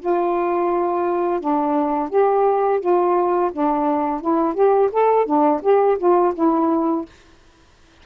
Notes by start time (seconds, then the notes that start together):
0.00 F4
1.41 D4
2.10 G4
2.81 F4
3.53 D4
4.22 E4
4.55 G4
4.92 A4
5.26 D4
5.62 G4
5.99 F4
6.35 E4